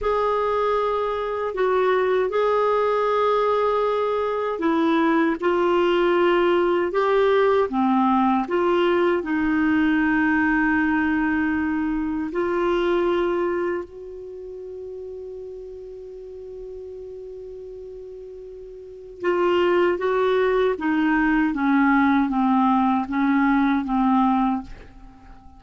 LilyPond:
\new Staff \with { instrumentName = "clarinet" } { \time 4/4 \tempo 4 = 78 gis'2 fis'4 gis'4~ | gis'2 e'4 f'4~ | f'4 g'4 c'4 f'4 | dis'1 |
f'2 fis'2~ | fis'1~ | fis'4 f'4 fis'4 dis'4 | cis'4 c'4 cis'4 c'4 | }